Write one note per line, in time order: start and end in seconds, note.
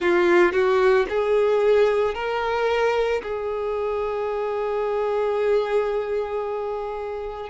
0.00 0.52 F4
0.52 1.06 F#4
1.09 2.14 G#4
2.14 3.21 A#4
3.22 7.50 G#4